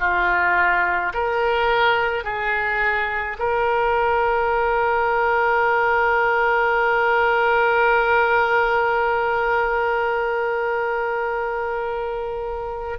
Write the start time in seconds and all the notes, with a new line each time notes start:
0.00 F4
1.14 A#4
2.24 G#4
3.39 A#4